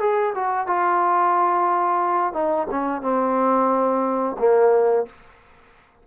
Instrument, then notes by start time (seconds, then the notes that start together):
trombone
0.00 G#4
0.35 F#4
0.67 F4
2.33 D#4
2.71 C#4
3.02 C4
4.39 A#3